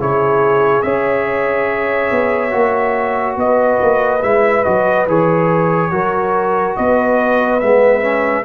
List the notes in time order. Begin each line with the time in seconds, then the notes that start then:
0.00 C#3 E4 G#4 C#5
0.82 C#4 G#4 C#5 E5
2.11 B3
2.51 A#3 F#4
3.36 B3 B4 D#5
3.82 A#3
4.23 G#3 E4 E5
4.64 F#3 F#4 D#5
5.07 E3 G#4 C#5
5.92 F#3 F#4 A#4
6.76 B3 B4 D#5
7.60 G#3 B3 E5
8.02 C#4